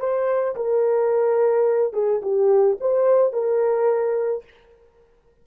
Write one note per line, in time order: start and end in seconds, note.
0.00 0.56 C5
0.56 1.93 A#4
1.93 2.21 G#4
2.22 2.78 G4
2.81 3.33 C5
3.33 4.44 A#4